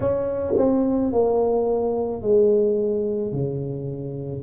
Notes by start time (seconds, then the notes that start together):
0.00 C#4
0.57 C4
1.12 A#3
2.22 G#3
3.32 C#3